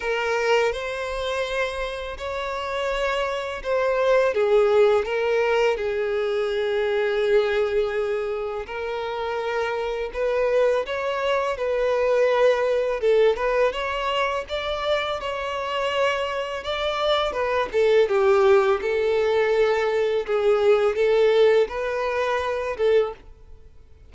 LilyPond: \new Staff \with { instrumentName = "violin" } { \time 4/4 \tempo 4 = 83 ais'4 c''2 cis''4~ | cis''4 c''4 gis'4 ais'4 | gis'1 | ais'2 b'4 cis''4 |
b'2 a'8 b'8 cis''4 | d''4 cis''2 d''4 | b'8 a'8 g'4 a'2 | gis'4 a'4 b'4. a'8 | }